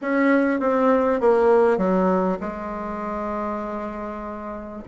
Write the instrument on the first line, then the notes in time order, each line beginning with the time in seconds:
bassoon
0.01 C#4
0.60 C4
1.20 A#3
1.77 F#3
2.40 G#3